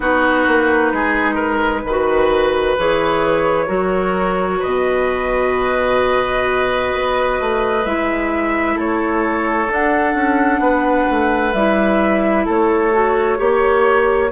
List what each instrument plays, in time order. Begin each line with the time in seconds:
0.00 bassoon B3, clarinet D#4, oboe F#4, flute B4
0.47 bassoon A#3
0.92 bassoon G#3, oboe G#4
1.34 oboe A#4
1.83 bassoon D#3, clarinet F#4, oboe B4
2.77 bassoon E3, clarinet G#4, flute C#5
3.66 bassoon F#3, clarinet F#4, oboe A#4
4.59 bassoon B2, oboe B4, flute D#5
6.93 bassoon B3
7.40 bassoon A3
7.85 bassoon G#3, clarinet E4, flute E5
8.75 bassoon A3, oboe A4, flute C#5
9.67 clarinet D4, bassoon D4, flute F#5
10.14 bassoon C#4
10.59 bassoon B3, oboe B4
11.10 bassoon A3
11.53 bassoon G3, clarinet E4, flute E5
12.45 bassoon A3, oboe A4, flute C#5
12.92 clarinet F#4
13.37 bassoon A#3, clarinet G4, oboe C#5